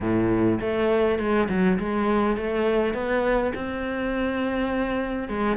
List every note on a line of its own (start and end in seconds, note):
0.00 0.59 A2
0.60 1.18 A3
1.18 1.48 G#3
1.48 1.78 F#3
1.79 2.36 G#3
2.36 2.94 A3
2.94 3.52 B3
3.55 5.28 C4
5.28 5.56 G#3